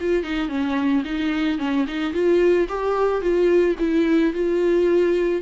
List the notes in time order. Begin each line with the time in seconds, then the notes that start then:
0.00 F4
0.23 D#4
0.49 C#4
1.05 D#4
1.59 C#4
1.87 D#4
2.13 F4
2.69 G4
3.21 F4
3.79 E4
4.33 F4